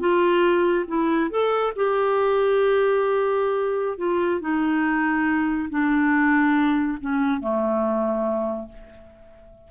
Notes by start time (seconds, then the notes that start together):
0.00 F4
0.87 E4
1.31 A4
1.76 G4
3.98 F4
4.41 D#4
5.70 D4
7.01 C#4
7.40 A3